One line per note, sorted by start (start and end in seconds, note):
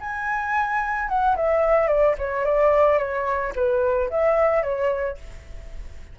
0.00 1.08 G#5
1.08 1.36 F#5
1.36 1.87 E5
1.87 2.15 D5
2.18 2.45 C#5
2.45 2.98 D5
2.98 3.53 C#5
3.55 4.10 B4
4.10 4.63 E5
4.63 5.17 C#5